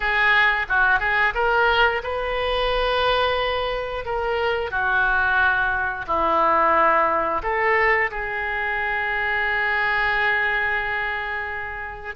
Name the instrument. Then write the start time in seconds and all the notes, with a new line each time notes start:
oboe
0.00 G#4
0.68 F#4
0.99 G#4
1.34 A#4
2.03 B4
4.04 A#4
4.70 F#4
6.07 E4
7.42 A4
8.10 G#4